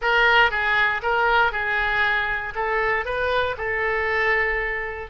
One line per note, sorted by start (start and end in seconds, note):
0.01 0.50 A#4
0.50 1.01 G#4
1.02 1.51 A#4
1.51 2.53 G#4
2.55 3.05 A4
3.05 3.55 B4
3.57 5.10 A4